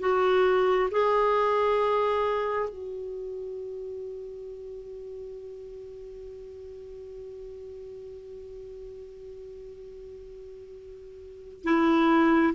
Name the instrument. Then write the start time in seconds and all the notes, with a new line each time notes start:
clarinet
0.00 F#4
0.91 G#4
2.69 F#4
11.64 E4